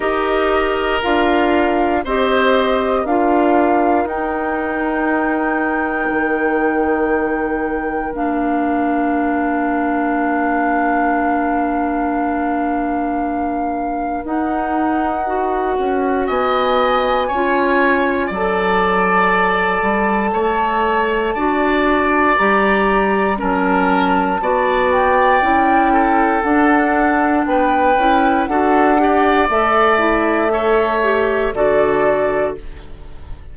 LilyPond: <<
  \new Staff \with { instrumentName = "flute" } { \time 4/4 \tempo 4 = 59 dis''4 f''4 dis''4 f''4 | g''1 | f''1~ | f''2 fis''2 |
gis''2 a''2~ | a''2 ais''4 a''4~ | a''8 g''4. fis''4 g''4 | fis''4 e''2 d''4 | }
  \new Staff \with { instrumentName = "oboe" } { \time 4/4 ais'2 c''4 ais'4~ | ais'1~ | ais'1~ | ais'1 |
dis''4 cis''4 d''2 | cis''4 d''2 ais'4 | d''4. a'4. b'4 | a'8 d''4. cis''4 a'4 | }
  \new Staff \with { instrumentName = "clarinet" } { \time 4/4 g'4 f'4 g'4 f'4 | dis'1 | d'1~ | d'2 dis'4 fis'4~ |
fis'4 f'4 a'2~ | a'4 fis'4 g'4 cis'4 | fis'4 e'4 d'4. e'8 | fis'8 g'8 a'8 e'8 a'8 g'8 fis'4 | }
  \new Staff \with { instrumentName = "bassoon" } { \time 4/4 dis'4 d'4 c'4 d'4 | dis'2 dis2 | ais1~ | ais2 dis'4. cis'8 |
b4 cis'4 fis4. g8 | a4 d'4 g4 fis4 | b4 cis'4 d'4 b8 cis'8 | d'4 a2 d4 | }
>>